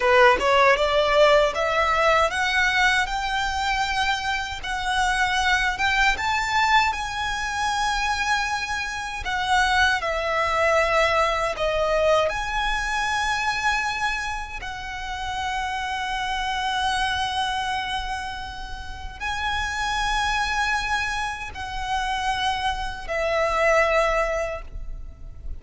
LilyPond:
\new Staff \with { instrumentName = "violin" } { \time 4/4 \tempo 4 = 78 b'8 cis''8 d''4 e''4 fis''4 | g''2 fis''4. g''8 | a''4 gis''2. | fis''4 e''2 dis''4 |
gis''2. fis''4~ | fis''1~ | fis''4 gis''2. | fis''2 e''2 | }